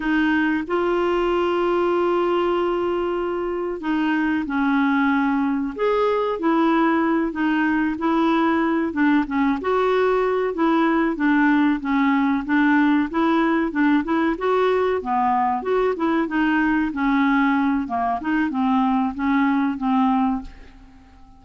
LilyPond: \new Staff \with { instrumentName = "clarinet" } { \time 4/4 \tempo 4 = 94 dis'4 f'2.~ | f'2 dis'4 cis'4~ | cis'4 gis'4 e'4. dis'8~ | dis'8 e'4. d'8 cis'8 fis'4~ |
fis'8 e'4 d'4 cis'4 d'8~ | d'8 e'4 d'8 e'8 fis'4 b8~ | b8 fis'8 e'8 dis'4 cis'4. | ais8 dis'8 c'4 cis'4 c'4 | }